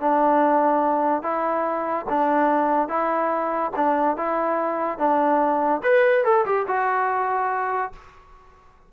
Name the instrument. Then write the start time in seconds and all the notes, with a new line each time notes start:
trombone
0.00 D4
1.23 E4
2.09 D4
2.88 E4
3.76 D4
4.17 E4
4.98 D4
5.83 B4
6.25 A4
6.46 G4
6.67 F#4